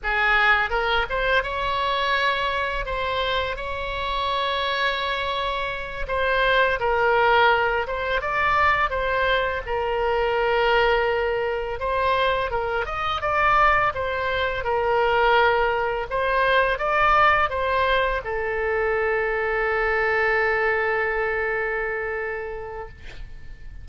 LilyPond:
\new Staff \with { instrumentName = "oboe" } { \time 4/4 \tempo 4 = 84 gis'4 ais'8 c''8 cis''2 | c''4 cis''2.~ | cis''8 c''4 ais'4. c''8 d''8~ | d''8 c''4 ais'2~ ais'8~ |
ais'8 c''4 ais'8 dis''8 d''4 c''8~ | c''8 ais'2 c''4 d''8~ | d''8 c''4 a'2~ a'8~ | a'1 | }